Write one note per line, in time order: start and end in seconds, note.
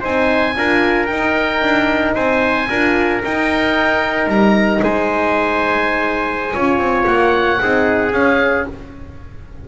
0.00 0.57 C4
0.00 0.54 D#4
0.00 0.53 C5
0.00 1.06 G#5
0.56 1.09 D4
0.56 1.09 F4
0.56 2.15 A#4
1.06 1.62 D#4
1.06 2.70 D#4
1.06 2.12 G5
1.62 2.15 D4
2.15 2.69 C4
2.15 2.68 C5
2.15 3.21 G#5
2.69 3.22 D4
2.69 3.23 F4
2.69 4.81 A#4
3.23 6.53 D#4
3.23 4.27 D#4
3.23 4.29 G5
4.27 4.80 G3
4.27 4.82 A#5
4.82 6.55 G#3
4.82 6.54 C5
4.82 7.07 G#5
6.53 6.78 C#4
6.53 7.59 F4
6.53 7.60 C#5
6.78 7.05 C4
7.07 7.60 A#3
7.07 8.13 F#5
7.59 8.12 C4
7.59 8.12 D#4
7.59 8.68 G#4
8.12 8.65 C#4
8.12 8.68 C#4
8.12 8.66 F5